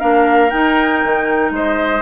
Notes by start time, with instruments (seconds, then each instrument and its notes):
0.00 bassoon A#3, clarinet D4, oboe A#4, flute F5
0.50 clarinet D#4, bassoon D#4, flute G5
1.05 bassoon D#3
1.51 bassoon G#3, oboe C5, flute D#5